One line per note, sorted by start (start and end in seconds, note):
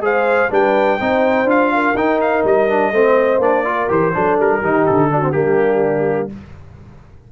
0.00 0.48 G#3
0.00 0.49 G#4
0.00 0.51 C5
0.00 0.53 F5
0.51 0.99 G3
0.51 0.99 D4
0.51 0.99 B4
0.51 1.50 G5
1.01 1.45 C4
1.01 1.46 D#4
1.01 1.74 C5
1.45 1.93 D4
1.45 1.95 F4
1.45 1.97 F5
1.74 2.94 A#4
1.95 2.43 D#4
1.95 2.69 D#4
1.95 2.21 G5
2.21 2.45 F5
2.44 2.92 G3
2.44 3.42 D#5
2.69 2.94 D4
2.92 3.39 A3
2.92 3.41 C4
2.92 3.66 C5
3.39 3.87 A#3
3.39 3.65 D4
3.39 3.91 D5
3.65 3.89 F4
3.65 4.15 A#4
3.89 4.15 E3
3.89 4.13 G4
3.89 4.40 C5
4.14 4.39 F#3
4.14 4.62 D4
4.14 4.60 A4
4.39 4.62 G3
4.39 4.86 A#4
4.60 4.86 D#3
4.60 5.11 D#4
4.60 5.08 G4
4.86 5.35 D3
4.86 5.32 A4
5.11 5.22 D4
5.11 5.36 F#4
5.22 5.33 C4
5.32 6.32 G3
5.32 6.30 A#3
5.32 6.32 D4
5.32 6.29 G4